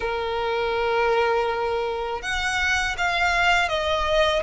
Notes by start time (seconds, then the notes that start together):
0.00 A#4
2.22 F#5
2.97 F5
3.68 D#5